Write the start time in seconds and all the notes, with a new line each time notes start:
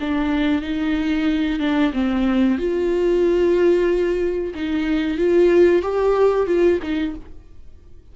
0.00 D4
0.61 D#4
1.59 D4
1.93 C4
2.58 F4
4.54 D#4
5.18 F4
5.82 G4
6.47 F4
6.82 D#4